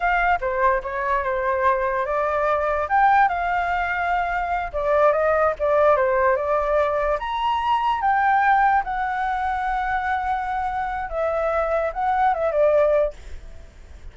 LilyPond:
\new Staff \with { instrumentName = "flute" } { \time 4/4 \tempo 4 = 146 f''4 c''4 cis''4 c''4~ | c''4 d''2 g''4 | f''2.~ f''8 d''8~ | d''8 dis''4 d''4 c''4 d''8~ |
d''4. ais''2 g''8~ | g''4. fis''2~ fis''8~ | fis''2. e''4~ | e''4 fis''4 e''8 d''4. | }